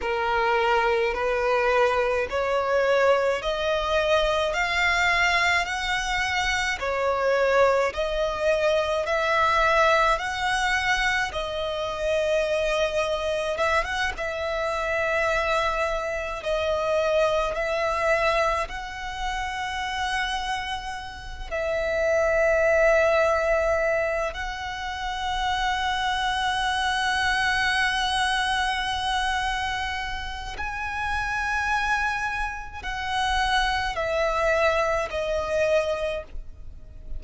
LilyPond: \new Staff \with { instrumentName = "violin" } { \time 4/4 \tempo 4 = 53 ais'4 b'4 cis''4 dis''4 | f''4 fis''4 cis''4 dis''4 | e''4 fis''4 dis''2 | e''16 fis''16 e''2 dis''4 e''8~ |
e''8 fis''2~ fis''8 e''4~ | e''4. fis''2~ fis''8~ | fis''2. gis''4~ | gis''4 fis''4 e''4 dis''4 | }